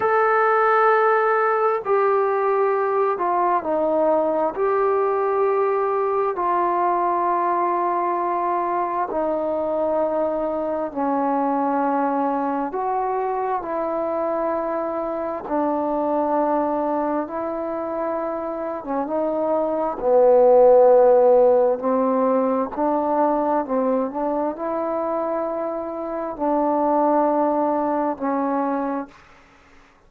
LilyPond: \new Staff \with { instrumentName = "trombone" } { \time 4/4 \tempo 4 = 66 a'2 g'4. f'8 | dis'4 g'2 f'4~ | f'2 dis'2 | cis'2 fis'4 e'4~ |
e'4 d'2 e'4~ | e'8. cis'16 dis'4 b2 | c'4 d'4 c'8 d'8 e'4~ | e'4 d'2 cis'4 | }